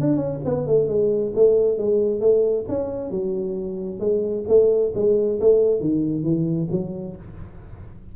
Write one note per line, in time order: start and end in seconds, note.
0.00 0.16 D4
0.16 0.39 C#4
0.45 0.67 B3
0.67 0.88 A3
0.88 1.32 G#3
1.35 1.78 A3
1.78 2.20 G#3
2.20 2.65 A3
2.68 3.10 C#4
3.10 3.99 F#3
3.99 4.44 G#3
4.48 4.93 A3
4.94 5.39 G#3
5.40 5.80 A3
5.80 6.23 D#3
6.23 6.68 E3
6.71 7.16 F#3